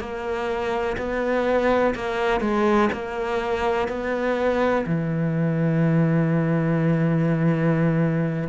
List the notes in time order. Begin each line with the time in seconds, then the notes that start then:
0.00 A#3
0.98 B3
1.95 A#3
2.41 G#3
2.93 A#3
3.88 B3
4.86 E3